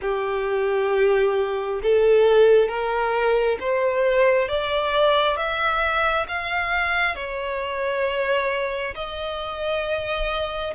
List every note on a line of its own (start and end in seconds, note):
0.01 1.80 G4
1.82 2.68 A4
2.68 3.58 A#4
3.60 4.48 C5
4.48 5.36 D5
5.36 6.26 E5
6.28 7.15 F5
7.15 8.94 C#5
8.94 10.73 D#5